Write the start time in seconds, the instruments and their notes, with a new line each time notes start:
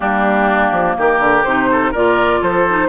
0.00 bassoon G3, clarinet A#3, oboe D4, flute G4
0.71 bassoon F3
0.97 bassoon D#3, oboe G4, flute A#4
1.19 bassoon D3
1.44 bassoon C3, clarinet D#4, flute C5
1.71 oboe A4
1.91 bassoon A#2, clarinet F4, oboe A#4, flute D5
2.41 bassoon F3, oboe A4, flute C5
2.68 clarinet D#4